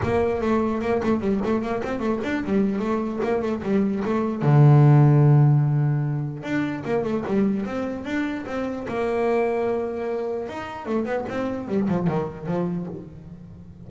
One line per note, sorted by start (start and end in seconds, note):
0.02 0.41 A#3
0.41 0.81 A3
0.81 1.01 A#3
1.03 1.20 A3
1.20 1.40 G3
1.44 1.61 A3
1.61 1.82 A#3
1.83 1.99 C4
1.99 2.19 A3
2.23 2.43 D4
2.44 2.79 G3
2.79 3.19 A3
3.23 3.42 A#3
3.42 3.62 A3
3.62 4.03 G3
4.04 4.42 A3
4.42 6.43 D3
6.43 6.83 D4
6.85 7.04 A#3
7.04 7.24 A3
7.26 7.65 G3
7.65 8.04 C4
8.04 8.45 D4
8.46 8.86 C4
8.88 10.48 A#3
10.48 10.86 D#4
10.86 11.05 A3
11.05 11.25 B3
11.28 11.68 C4
11.68 11.88 G3
11.88 12.07 F3
12.07 12.46 D#3
12.46 12.86 F3